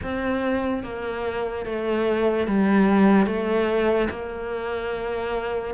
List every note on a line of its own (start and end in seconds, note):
0.03 0.83 C4
0.83 1.65 A#3
1.65 2.47 A3
2.47 3.26 G3
3.26 4.08 A3
4.10 5.74 A#3